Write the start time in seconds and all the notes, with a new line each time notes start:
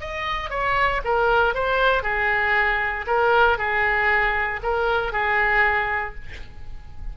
0.00 D#5
0.50 C#5
1.04 A#4
1.54 C5
2.03 G#4
3.07 A#4
3.58 G#4
4.62 A#4
5.12 G#4